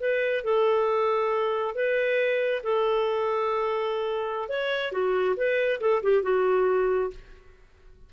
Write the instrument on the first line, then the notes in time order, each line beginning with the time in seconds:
clarinet
0.00 B4
0.44 A4
1.75 B4
2.63 A4
4.49 C#5
4.92 F#4
5.36 B4
5.80 A4
6.02 G4
6.22 F#4